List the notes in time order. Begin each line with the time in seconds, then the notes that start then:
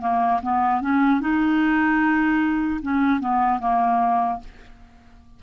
0.00 A#3
0.42 B3
0.81 C#4
1.20 D#4
2.81 C#4
3.20 B3
3.59 A#3